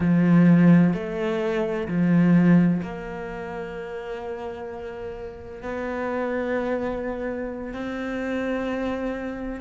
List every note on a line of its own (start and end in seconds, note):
0.00 0.93 F3
0.93 1.87 A3
1.87 2.81 F3
2.82 5.62 A#3
5.62 7.73 B3
7.73 9.61 C4